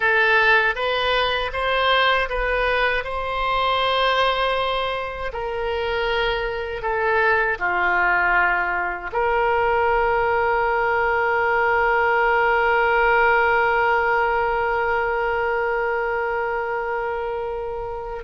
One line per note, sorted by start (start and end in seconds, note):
0.00 0.75 A4
0.75 1.51 B4
1.52 2.28 C5
2.29 3.04 B4
3.04 5.32 C5
5.32 6.81 A#4
6.81 7.57 A4
7.58 9.10 F4
9.12 18.23 A#4